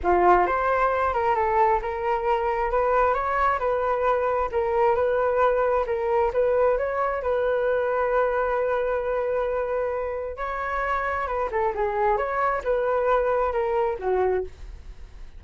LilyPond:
\new Staff \with { instrumentName = "flute" } { \time 4/4 \tempo 4 = 133 f'4 c''4. ais'8 a'4 | ais'2 b'4 cis''4 | b'2 ais'4 b'4~ | b'4 ais'4 b'4 cis''4 |
b'1~ | b'2. cis''4~ | cis''4 b'8 a'8 gis'4 cis''4 | b'2 ais'4 fis'4 | }